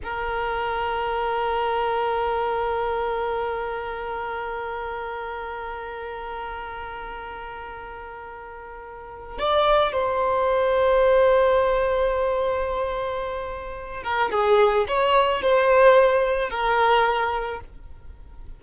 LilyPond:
\new Staff \with { instrumentName = "violin" } { \time 4/4 \tempo 4 = 109 ais'1~ | ais'1~ | ais'1~ | ais'1~ |
ais'4 d''4 c''2~ | c''1~ | c''4. ais'8 gis'4 cis''4 | c''2 ais'2 | }